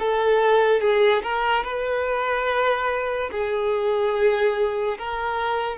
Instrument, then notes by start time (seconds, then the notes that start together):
violin
0.00 A4
0.81 G#4
1.23 A#4
1.64 B4
3.32 G#4
4.98 A#4